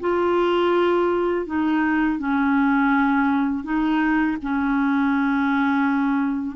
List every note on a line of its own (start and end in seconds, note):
0.00 1.46 F4
1.46 2.19 D#4
2.19 3.64 C#4
3.64 4.37 D#4
4.42 6.56 C#4